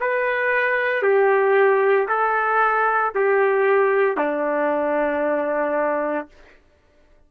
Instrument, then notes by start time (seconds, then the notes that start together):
trumpet
0.00 B4
1.02 G4
2.08 A4
3.15 G4
4.17 D4